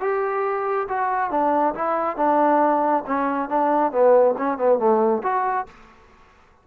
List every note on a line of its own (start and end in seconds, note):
0.00 0.87 G4
0.88 1.30 F#4
1.30 1.74 D4
1.74 2.16 E4
2.16 3.03 D4
3.06 3.49 C#4
3.49 3.91 D4
3.91 4.35 B3
4.38 4.58 C#4
4.58 4.78 B3
4.78 5.22 A3
5.23 5.66 F#4